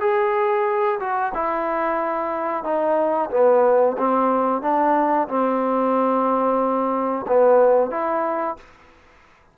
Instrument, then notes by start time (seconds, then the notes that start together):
trombone
0.00 G#4
1.00 F#4
1.34 E4
2.64 D#4
3.31 B3
3.98 C4
4.62 D4
5.28 C4
7.27 B3
7.90 E4